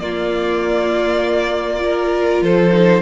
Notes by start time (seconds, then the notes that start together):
0.00 A#3 F4 D5
1.79 F4 A#4
2.42 F3 A4 C5
2.73 D#4